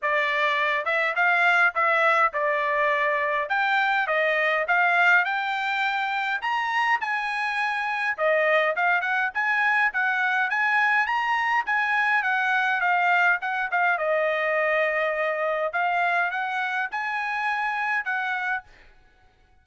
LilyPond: \new Staff \with { instrumentName = "trumpet" } { \time 4/4 \tempo 4 = 103 d''4. e''8 f''4 e''4 | d''2 g''4 dis''4 | f''4 g''2 ais''4 | gis''2 dis''4 f''8 fis''8 |
gis''4 fis''4 gis''4 ais''4 | gis''4 fis''4 f''4 fis''8 f''8 | dis''2. f''4 | fis''4 gis''2 fis''4 | }